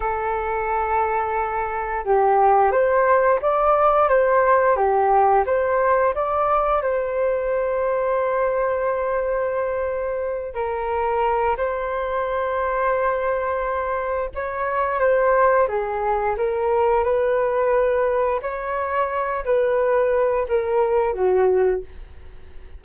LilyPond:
\new Staff \with { instrumentName = "flute" } { \time 4/4 \tempo 4 = 88 a'2. g'4 | c''4 d''4 c''4 g'4 | c''4 d''4 c''2~ | c''2.~ c''8 ais'8~ |
ais'4 c''2.~ | c''4 cis''4 c''4 gis'4 | ais'4 b'2 cis''4~ | cis''8 b'4. ais'4 fis'4 | }